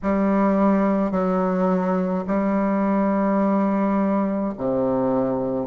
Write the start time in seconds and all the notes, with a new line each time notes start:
0.02 G3
1.11 F#3
2.27 G3
4.57 C3